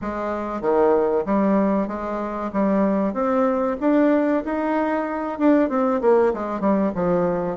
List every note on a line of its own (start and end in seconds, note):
0.01 0.61 G#3
0.61 1.24 D#3
1.25 1.87 G3
1.87 2.50 G#3
2.52 3.13 G3
3.13 3.76 C4
3.80 4.43 D4
4.44 5.38 D#4
5.38 5.69 D4
5.69 6.00 C4
6.01 6.32 A#3
6.33 6.60 G#3
6.60 6.92 G3
6.94 7.56 F3